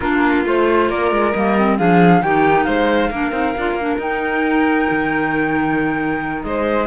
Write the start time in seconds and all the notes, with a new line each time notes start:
0.00 A#3 D4 F4 A#4
0.45 A3 F4 C5
0.88 A#3 A#4 D5
1.11 G#3
1.32 G3 A#3 D#5
1.57 C4
1.77 F3 D4 G#4 F5
2.21 D#3 D#4 G4 G5
2.63 G#3 C5 F5
3.10 A#3 D4 A#4
3.31 C4 D#4
3.57 D4 F4
3.74 A#3
3.80 D4
3.97 D#4 G5
4.90 D#3
6.43 G#3 C5 D#5